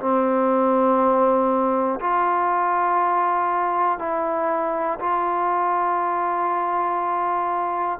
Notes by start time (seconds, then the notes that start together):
0.00 C4
2.00 F4
3.99 E4
5.00 F4